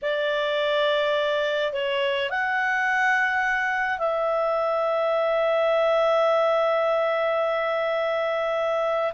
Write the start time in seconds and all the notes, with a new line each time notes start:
0.02 D5
1.72 C#5
2.30 F#5
3.98 E5